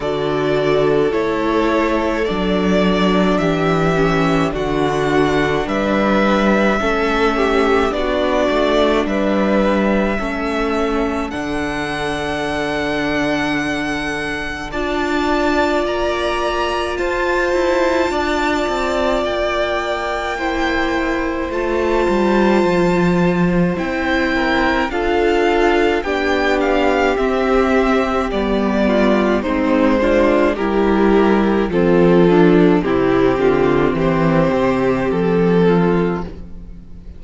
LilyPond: <<
  \new Staff \with { instrumentName = "violin" } { \time 4/4 \tempo 4 = 53 d''4 cis''4 d''4 e''4 | fis''4 e''2 d''4 | e''2 fis''2~ | fis''4 a''4 ais''4 a''4~ |
a''4 g''2 a''4~ | a''4 g''4 f''4 g''8 f''8 | e''4 d''4 c''4 ais'4 | a'4 g'4 c''4 a'4 | }
  \new Staff \with { instrumentName = "violin" } { \time 4/4 a'2. g'4 | fis'4 b'4 a'8 g'8 fis'4 | b'4 a'2.~ | a'4 d''2 c''4 |
d''2 c''2~ | c''4. ais'8 a'4 g'4~ | g'4. f'8 dis'8 f'8 g'4 | c'8 d'8 e'8 f'8 g'4. f'8 | }
  \new Staff \with { instrumentName = "viola" } { \time 4/4 fis'4 e'4 d'4. cis'8 | d'2 cis'4 d'4~ | d'4 cis'4 d'2~ | d'4 f'2.~ |
f'2 e'4 f'4~ | f'4 e'4 f'4 d'4 | c'4 b4 c'8 d'8 e'4 | f'4 c'2. | }
  \new Staff \with { instrumentName = "cello" } { \time 4/4 d4 a4 fis4 e4 | d4 g4 a4 b8 a8 | g4 a4 d2~ | d4 d'4 ais4 f'8 e'8 |
d'8 c'8 ais2 a8 g8 | f4 c'4 d'4 b4 | c'4 g4 gis4 g4 | f4 c8 d8 e8 c8 f4 | }
>>